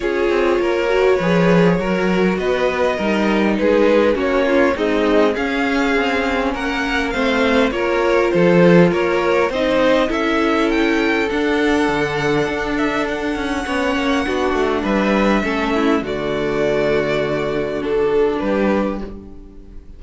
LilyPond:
<<
  \new Staff \with { instrumentName = "violin" } { \time 4/4 \tempo 4 = 101 cis''1 | dis''2 b'4 cis''4 | dis''4 f''2 fis''4 | f''4 cis''4 c''4 cis''4 |
dis''4 e''4 g''4 fis''4~ | fis''4. e''8 fis''2~ | fis''4 e''2 d''4~ | d''2 a'4 b'4 | }
  \new Staff \with { instrumentName = "violin" } { \time 4/4 gis'4 ais'4 b'4 ais'4 | b'4 ais'4 gis'4 fis'8 f'8 | dis'4 gis'2 ais'4 | c''4 ais'4 a'4 ais'4 |
c''4 a'2.~ | a'2. cis''4 | fis'4 b'4 a'8 e'8 fis'4~ | fis'2. g'4 | }
  \new Staff \with { instrumentName = "viola" } { \time 4/4 f'4. fis'8 gis'4 fis'4~ | fis'4 dis'2 cis'4 | gis4 cis'2. | c'4 f'2. |
dis'4 e'2 d'4~ | d'2. cis'4 | d'2 cis'4 a4~ | a2 d'2 | }
  \new Staff \with { instrumentName = "cello" } { \time 4/4 cis'8 c'8 ais4 f4 fis4 | b4 g4 gis4 ais4 | c'4 cis'4 c'4 ais4 | a4 ais4 f4 ais4 |
c'4 cis'2 d'4 | d4 d'4. cis'8 b8 ais8 | b8 a8 g4 a4 d4~ | d2. g4 | }
>>